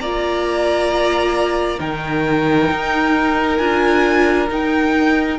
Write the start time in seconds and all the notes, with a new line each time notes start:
0.00 A#3 F4 D5 A#5
1.78 D#3 D#4 A#4 G5
2.70 D#4
3.57 D4 F4 G#5
4.49 D#4 G5